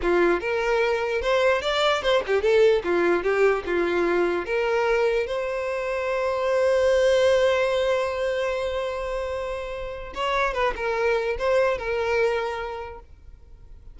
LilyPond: \new Staff \with { instrumentName = "violin" } { \time 4/4 \tempo 4 = 148 f'4 ais'2 c''4 | d''4 c''8 g'8 a'4 f'4 | g'4 f'2 ais'4~ | ais'4 c''2.~ |
c''1~ | c''1~ | c''4 cis''4 b'8 ais'4. | c''4 ais'2. | }